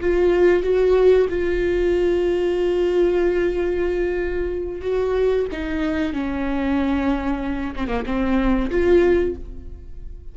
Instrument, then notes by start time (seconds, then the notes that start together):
viola
0.00 F4
0.63 F#4
1.29 F4
4.81 F#4
5.52 D#4
6.13 C#4
7.75 C4
7.87 A#3
8.05 C4
8.70 F4